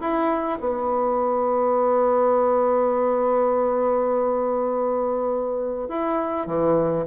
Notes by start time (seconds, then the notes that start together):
0.00 E4
0.60 B3
5.88 E4
6.47 E3